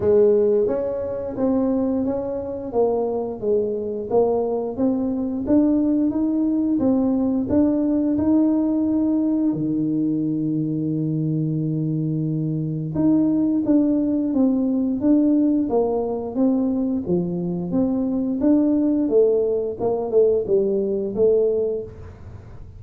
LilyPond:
\new Staff \with { instrumentName = "tuba" } { \time 4/4 \tempo 4 = 88 gis4 cis'4 c'4 cis'4 | ais4 gis4 ais4 c'4 | d'4 dis'4 c'4 d'4 | dis'2 dis2~ |
dis2. dis'4 | d'4 c'4 d'4 ais4 | c'4 f4 c'4 d'4 | a4 ais8 a8 g4 a4 | }